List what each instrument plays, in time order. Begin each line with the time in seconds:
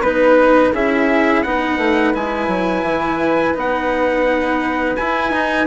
0.00 bassoon B3, cello D#4, trumpet B4, flute B4
0.73 bassoon C#4, cello E4, flute G#4, trumpet E5
1.43 bassoon B3, cello D#4, flute B4, trumpet F#5
1.78 bassoon A3
2.14 bassoon G#3, cello E4, trumpet G#5
2.48 bassoon F#3
2.83 bassoon E3
3.55 bassoon B3, cello D#4, trumpet F#5
4.96 bassoon E4, cello E4, trumpet G#5
5.30 bassoon D#4, cello D#4